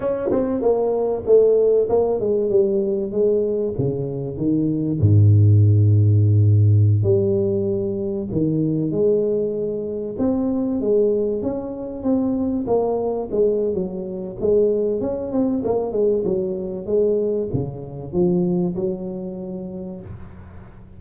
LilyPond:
\new Staff \with { instrumentName = "tuba" } { \time 4/4 \tempo 4 = 96 cis'8 c'8 ais4 a4 ais8 gis8 | g4 gis4 cis4 dis4 | gis,2.~ gis,16 g8.~ | g4~ g16 dis4 gis4.~ gis16~ |
gis16 c'4 gis4 cis'4 c'8.~ | c'16 ais4 gis8. fis4 gis4 | cis'8 c'8 ais8 gis8 fis4 gis4 | cis4 f4 fis2 | }